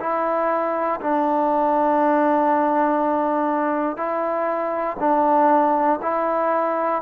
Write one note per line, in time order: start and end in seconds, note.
0.00 1.00 E4
1.01 3.97 D4
3.97 4.97 E4
5.00 6.00 D4
6.02 7.02 E4